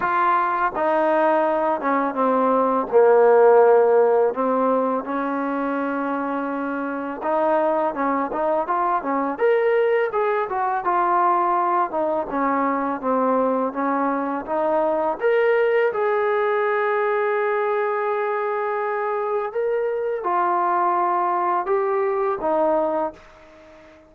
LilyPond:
\new Staff \with { instrumentName = "trombone" } { \time 4/4 \tempo 4 = 83 f'4 dis'4. cis'8 c'4 | ais2 c'4 cis'4~ | cis'2 dis'4 cis'8 dis'8 | f'8 cis'8 ais'4 gis'8 fis'8 f'4~ |
f'8 dis'8 cis'4 c'4 cis'4 | dis'4 ais'4 gis'2~ | gis'2. ais'4 | f'2 g'4 dis'4 | }